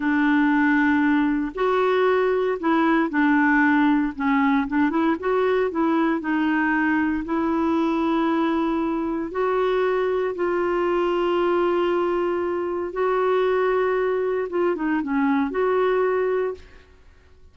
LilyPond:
\new Staff \with { instrumentName = "clarinet" } { \time 4/4 \tempo 4 = 116 d'2. fis'4~ | fis'4 e'4 d'2 | cis'4 d'8 e'8 fis'4 e'4 | dis'2 e'2~ |
e'2 fis'2 | f'1~ | f'4 fis'2. | f'8 dis'8 cis'4 fis'2 | }